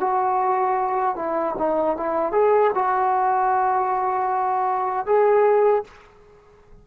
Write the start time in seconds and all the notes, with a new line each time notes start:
0.00 F#4
1.16 E4
1.58 D#4
1.97 E4
2.32 G#4
2.74 F#4
5.06 G#4